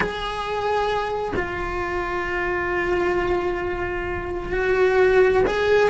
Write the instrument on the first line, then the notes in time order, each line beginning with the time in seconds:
cello
0.00 G#4
1.36 F4
4.52 F#4
5.46 G#4